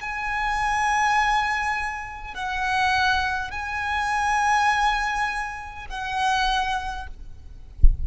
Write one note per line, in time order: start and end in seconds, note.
0.00 2.34 G#5
2.34 3.50 F#5
3.50 5.86 G#5
5.89 7.07 F#5